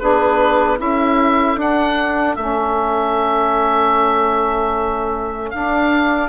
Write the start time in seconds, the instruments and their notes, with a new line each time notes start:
0.00 bassoon B3, saxophone D4, clarinet G#4, oboe B4
0.77 bassoon C#4, saxophone E4, clarinet A4, oboe E5
1.57 bassoon D4, saxophone D4, oboe F#5
2.36 bassoon A3, saxophone C#4, oboe E5
5.51 bassoon D4, saxophone D4, oboe F5